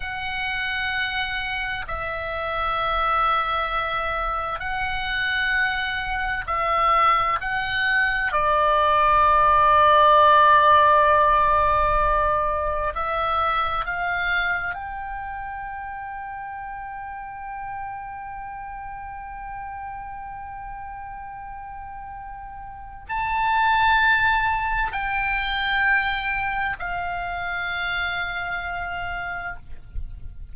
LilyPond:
\new Staff \with { instrumentName = "oboe" } { \time 4/4 \tempo 4 = 65 fis''2 e''2~ | e''4 fis''2 e''4 | fis''4 d''2.~ | d''2 e''4 f''4 |
g''1~ | g''1~ | g''4 a''2 g''4~ | g''4 f''2. | }